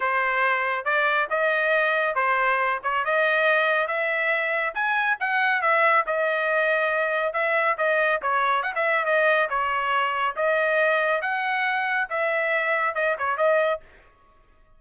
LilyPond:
\new Staff \with { instrumentName = "trumpet" } { \time 4/4 \tempo 4 = 139 c''2 d''4 dis''4~ | dis''4 c''4. cis''8 dis''4~ | dis''4 e''2 gis''4 | fis''4 e''4 dis''2~ |
dis''4 e''4 dis''4 cis''4 | fis''16 e''8. dis''4 cis''2 | dis''2 fis''2 | e''2 dis''8 cis''8 dis''4 | }